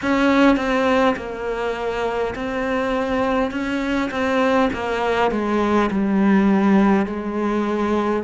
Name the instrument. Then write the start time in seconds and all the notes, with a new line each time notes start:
cello
0.02 C#4
0.56 C4
1.16 A#3
2.35 C4
3.51 C#4
4.10 C4
4.73 A#3
5.31 G#3
5.90 G3
7.06 G#3